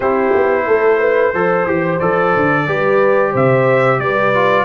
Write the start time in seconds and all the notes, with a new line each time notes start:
0.00 C4 E4 G4 C5
0.34 B3
0.66 A3 A4
0.99 B4
1.32 F3 A4 C5
1.66 E3 G4
1.99 F3 A4 D5
2.35 D3
2.67 G3 G4 B4
3.31 C3 C5 E5
3.99 G3 B4 D5
4.34 F4